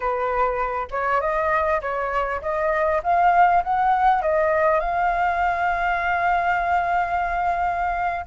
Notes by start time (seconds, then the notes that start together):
0.00 B4
0.91 C#5
1.20 D#5
1.81 C#5
2.41 D#5
3.03 F5
3.63 F#5
4.22 D#5
4.80 F5